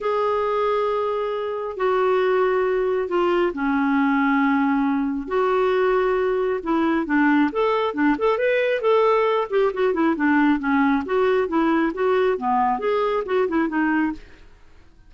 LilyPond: \new Staff \with { instrumentName = "clarinet" } { \time 4/4 \tempo 4 = 136 gis'1 | fis'2. f'4 | cis'1 | fis'2. e'4 |
d'4 a'4 d'8 a'8 b'4 | a'4. g'8 fis'8 e'8 d'4 | cis'4 fis'4 e'4 fis'4 | b4 gis'4 fis'8 e'8 dis'4 | }